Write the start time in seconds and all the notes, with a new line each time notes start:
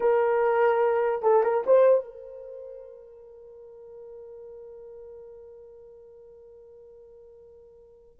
0.00 A#4
1.22 A4
1.43 A#4
1.66 C5
2.04 A#4